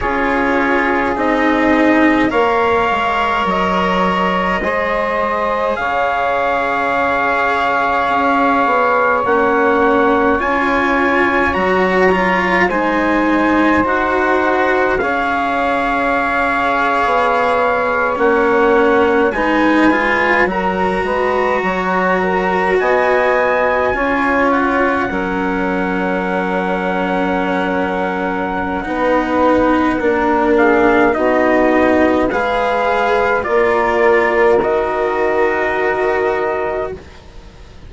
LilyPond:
<<
  \new Staff \with { instrumentName = "trumpet" } { \time 4/4 \tempo 4 = 52 cis''4 dis''4 f''4 dis''4~ | dis''4 f''2. | fis''4 gis''4 ais''4 gis''4 | fis''4 f''2~ f''8. fis''16~ |
fis''8. gis''4 ais''2 gis''16~ | gis''4~ gis''16 fis''2~ fis''8.~ | fis''2~ fis''8 f''8 dis''4 | f''4 d''4 dis''2 | }
  \new Staff \with { instrumentName = "saxophone" } { \time 4/4 gis'2 cis''2 | c''4 cis''2.~ | cis''2. c''4~ | c''4 cis''2.~ |
cis''8. b'4 ais'8 b'8 cis''8 ais'8 dis''16~ | dis''8. cis''4 ais'2~ ais'16~ | ais'4 b'4 ais'8 gis'8 fis'4 | b'4 ais'2. | }
  \new Staff \with { instrumentName = "cello" } { \time 4/4 f'4 dis'4 ais'2 | gis'1 | cis'4 f'4 fis'8 f'8 dis'4 | fis'4 gis'2~ gis'8. cis'16~ |
cis'8. dis'8 f'8 fis'2~ fis'16~ | fis'8. f'4 cis'2~ cis'16~ | cis'4 dis'4 d'4 dis'4 | gis'4 f'4 fis'2 | }
  \new Staff \with { instrumentName = "bassoon" } { \time 4/4 cis'4 c'4 ais8 gis8 fis4 | gis4 cis2 cis'8 b8 | ais4 cis'4 fis4 gis4 | dis'4 cis'4.~ cis'16 b4 ais16~ |
ais8. gis4 fis8 gis8 fis4 b16~ | b8. cis'4 fis2~ fis16~ | fis4 b4 ais4 b4 | gis4 ais4 dis2 | }
>>